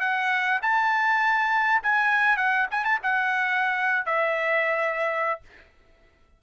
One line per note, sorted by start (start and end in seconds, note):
0.00 0.60 F#5
0.62 1.82 A5
1.83 2.37 G#5
2.37 2.67 F#5
2.71 2.84 G#5
2.84 2.99 A5
3.03 4.06 F#5
4.06 5.41 E5